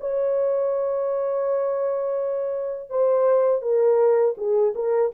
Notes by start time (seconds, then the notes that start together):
0.00 C#5
2.90 C5
3.62 A#4
4.37 G#4
4.75 A#4